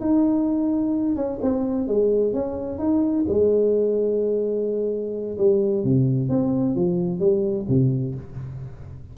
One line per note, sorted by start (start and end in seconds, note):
0.00 1.15 D#4
1.15 1.39 C#4
1.41 1.87 C4
1.87 2.33 G#3
2.33 2.78 C#4
2.78 3.25 D#4
3.28 5.37 G#3
5.37 5.84 G3
5.84 6.29 C3
6.29 6.75 C4
6.75 7.19 F3
7.19 7.66 G3
7.68 8.15 C3